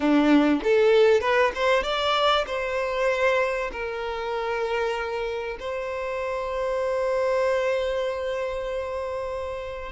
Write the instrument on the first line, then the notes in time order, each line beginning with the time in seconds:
violin
0.00 D4
0.63 A4
1.20 B4
1.54 C5
1.82 D5
2.47 C5
3.72 A#4
5.59 C5